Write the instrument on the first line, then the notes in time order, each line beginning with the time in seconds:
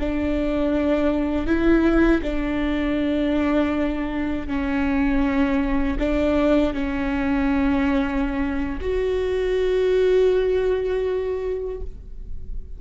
viola
0.00 D4
1.47 E4
2.23 D4
4.48 C#4
6.00 D4
6.74 C#4
8.82 F#4